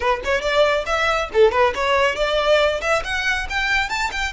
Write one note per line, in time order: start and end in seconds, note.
0.00 0.20 B4
0.24 0.41 C#5
0.41 0.84 D5
0.86 1.29 E5
1.33 1.51 A4
1.51 1.73 B4
1.75 2.15 C#5
2.15 2.80 D5
2.81 3.02 E5
3.03 3.47 F#5
3.49 3.89 G5
3.89 4.11 A5
4.11 4.32 G5